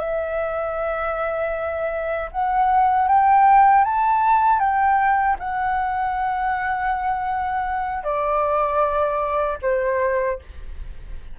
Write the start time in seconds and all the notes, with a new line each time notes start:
0.00 E5
2.32 F#5
3.09 G5
3.85 A5
4.60 G5
5.40 F#5
8.04 D5
9.63 C5